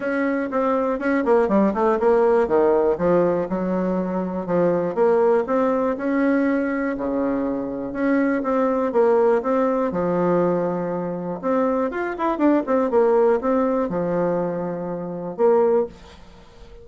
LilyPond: \new Staff \with { instrumentName = "bassoon" } { \time 4/4 \tempo 4 = 121 cis'4 c'4 cis'8 ais8 g8 a8 | ais4 dis4 f4 fis4~ | fis4 f4 ais4 c'4 | cis'2 cis2 |
cis'4 c'4 ais4 c'4 | f2. c'4 | f'8 e'8 d'8 c'8 ais4 c'4 | f2. ais4 | }